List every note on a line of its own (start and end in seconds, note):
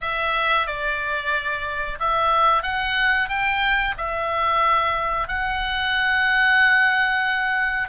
0.01 0.66 E5
0.66 1.98 D5
1.99 2.62 E5
2.62 3.28 F#5
3.28 3.94 G5
3.97 5.27 E5
5.27 7.88 F#5